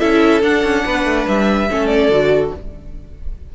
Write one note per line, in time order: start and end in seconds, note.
0.00 0.43 C#4
0.00 0.42 E4
0.00 0.84 A4
0.00 0.42 E5
0.43 1.69 D4
0.43 0.64 D4
0.43 1.28 F#5
0.64 0.85 C#4
0.86 1.05 B3
0.86 1.70 B4
1.05 1.26 A3
1.28 1.70 G3
1.28 1.87 E5
1.70 2.10 A3
1.70 2.12 C#4
1.70 2.56 A4
1.87 2.50 D5
2.10 2.51 D3
2.10 2.54 F#4